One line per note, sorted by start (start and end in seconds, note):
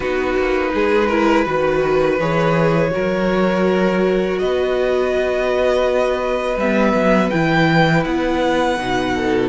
0.00 0.36 B3
0.00 1.10 D#4
0.00 0.70 F#4
0.00 2.18 B4
0.36 0.73 A#3
0.74 1.46 G#3
0.74 1.07 G#4
1.07 1.46 E4
1.07 1.44 A#4
1.44 2.19 D#3
1.44 2.19 F#4
1.44 2.91 B4
2.19 2.92 E3
2.19 2.90 G#4
2.19 4.38 C#5
2.90 4.41 F#3
2.90 6.56 F#4
2.90 4.40 A#4
4.38 6.56 B3
4.38 9.14 B4
4.38 6.58 D#5
6.56 6.93 G3
6.56 7.31 B3
6.56 7.30 E5
6.94 7.30 F#3
7.30 8.05 E3
7.30 8.77 E4
7.30 8.03 G5
8.04 8.77 B3
8.04 9.48 F#5
8.77 9.48 B2
8.77 9.48 D#4
9.14 9.48 A4